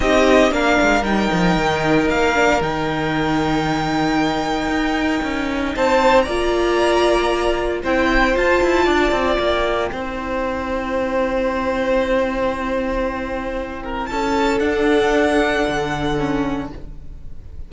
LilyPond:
<<
  \new Staff \with { instrumentName = "violin" } { \time 4/4 \tempo 4 = 115 dis''4 f''4 g''2 | f''4 g''2.~ | g''2. a''4 | ais''2. g''4 |
a''2 g''2~ | g''1~ | g''2. a''4 | fis''1 | }
  \new Staff \with { instrumentName = "violin" } { \time 4/4 g'4 ais'2.~ | ais'1~ | ais'2. c''4 | d''2. c''4~ |
c''4 d''2 c''4~ | c''1~ | c''2~ c''8 ais'8 a'4~ | a'1 | }
  \new Staff \with { instrumentName = "viola" } { \time 4/4 dis'4 d'4 dis'2~ | dis'8 d'8 dis'2.~ | dis'1 | f'2. e'4 |
f'2. e'4~ | e'1~ | e'1 | d'2. cis'4 | }
  \new Staff \with { instrumentName = "cello" } { \time 4/4 c'4 ais8 gis8 g8 f8 dis4 | ais4 dis2.~ | dis4 dis'4 cis'4 c'4 | ais2. c'4 |
f'8 e'8 d'8 c'8 ais4 c'4~ | c'1~ | c'2. cis'4 | d'2 d2 | }
>>